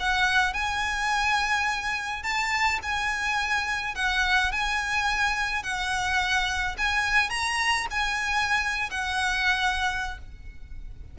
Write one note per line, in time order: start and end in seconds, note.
0.00 0.54 F#5
0.54 2.23 G#5
2.23 2.80 A5
2.83 3.95 G#5
3.95 4.52 F#5
4.52 5.63 G#5
5.63 6.76 F#5
6.78 7.30 G#5
7.30 7.87 A#5
7.91 8.90 G#5
8.91 10.18 F#5